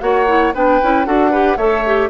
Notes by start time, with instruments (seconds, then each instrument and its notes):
0.00 bassoon A#3, clarinet F#4, oboe C#5, flute F#5
0.27 clarinet E4
0.54 bassoon B3, clarinet D4, oboe B4, flute G5
0.82 bassoon C#4, clarinet E4
1.05 bassoon D4, clarinet F#4, oboe A4, flute F#5
1.31 clarinet G4, oboe B4
1.57 bassoon A3, clarinet A4, oboe C#5, flute E5
1.86 clarinet G4